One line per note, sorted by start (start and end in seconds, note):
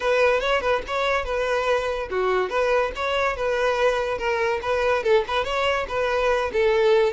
0.00 0.40 B4
0.40 0.61 C#5
0.61 0.82 B4
0.87 1.24 C#5
1.24 2.08 B4
2.10 2.49 F#4
2.49 2.91 B4
2.95 3.36 C#5
3.36 4.18 B4
4.18 4.60 A#4
4.62 5.03 B4
5.03 5.24 A4
5.27 5.44 B4
5.44 5.86 C#5
5.88 6.51 B4
6.52 7.12 A4